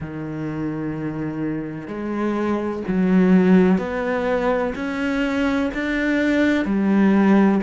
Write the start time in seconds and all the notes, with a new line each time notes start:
0.00 D#3
1.87 G#3
2.87 F#3
3.78 B3
4.75 C#4
5.74 D4
6.65 G3